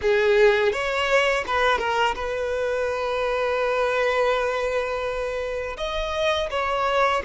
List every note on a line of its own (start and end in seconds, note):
0.01 0.72 G#4
0.72 1.44 C#5
1.46 1.78 B4
1.78 2.14 A#4
2.15 5.76 B4
5.77 6.49 D#5
6.50 7.23 C#5